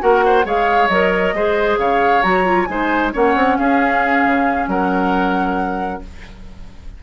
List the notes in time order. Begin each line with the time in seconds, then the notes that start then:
0.00 A#3 F#4 A#4 F#5
0.26 C5
0.45 G#3 G#4 C#5 F5
0.88 F#3 A#4 D#5
1.34 G#3 G#4 C5
1.79 C#3 C#5 F5
2.23 F#3 F#4 A#5
2.45 F4
2.66 G#3 D#4 C5 G#5
3.13 A#3 C#4 C#5 F#5
3.36 C4
3.58 C#4 G#4 F5
4.25 C#3
4.68 F#3 A#4 F#5